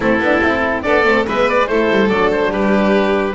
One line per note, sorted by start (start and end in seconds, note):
0.00 0.19 A3
0.00 0.22 C4
0.00 0.83 E4
0.00 0.82 A4
0.19 0.40 B3
0.19 0.42 D4
0.42 0.85 C4
0.42 0.83 E4
0.82 1.05 B3
0.82 1.04 D4
0.82 1.26 A4
0.82 1.24 D5
1.05 1.26 A3
1.05 1.27 C4
1.26 1.69 G#3
1.26 1.67 B3
1.26 1.68 B4
1.26 1.49 E5
1.49 1.67 D5
1.67 1.90 A3
1.67 2.09 E4
1.67 2.50 A4
1.67 2.09 C5
1.91 2.09 G3
2.09 2.50 F#3
2.09 3.35 D4
2.09 2.30 D5
2.31 2.52 C5
2.50 3.34 G3
2.50 3.34 G4
2.50 3.35 B4